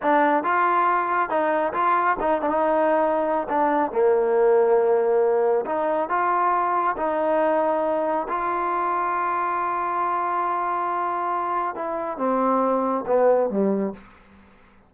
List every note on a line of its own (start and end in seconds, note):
0.02 0.43 D4
0.43 1.29 F4
1.29 1.73 D#4
1.73 2.16 F4
2.20 2.41 D#4
2.41 2.49 D4
2.49 3.47 D#4
3.48 3.91 D4
3.91 5.65 A#3
5.65 6.09 D#4
6.09 6.96 F4
6.96 8.27 D#4
8.28 11.75 F4
11.75 12.17 E4
12.17 13.04 C4
13.06 13.50 B3
13.50 13.93 G3